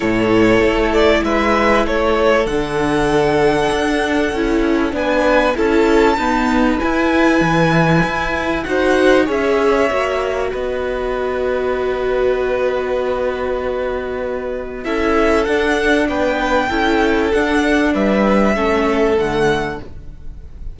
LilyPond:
<<
  \new Staff \with { instrumentName = "violin" } { \time 4/4 \tempo 4 = 97 cis''4. d''8 e''4 cis''4 | fis''1 | gis''4 a''2 gis''4~ | gis''2 fis''4 e''4~ |
e''4 dis''2.~ | dis''1 | e''4 fis''4 g''2 | fis''4 e''2 fis''4 | }
  \new Staff \with { instrumentName = "violin" } { \time 4/4 a'2 b'4 a'4~ | a'1 | b'4 a'4 b'2~ | b'2 c''4 cis''4~ |
cis''4 b'2.~ | b'1 | a'2 b'4 a'4~ | a'4 b'4 a'2 | }
  \new Staff \with { instrumentName = "viola" } { \time 4/4 e'1 | d'2. e'4 | d'4 e'4 b4 e'4~ | e'2 fis'4 gis'4 |
fis'1~ | fis'1 | e'4 d'2 e'4 | d'2 cis'4 a4 | }
  \new Staff \with { instrumentName = "cello" } { \time 4/4 a,4 a4 gis4 a4 | d2 d'4 cis'4 | b4 cis'4 dis'4 e'4 | e4 e'4 dis'4 cis'4 |
ais4 b2.~ | b1 | cis'4 d'4 b4 cis'4 | d'4 g4 a4 d4 | }
>>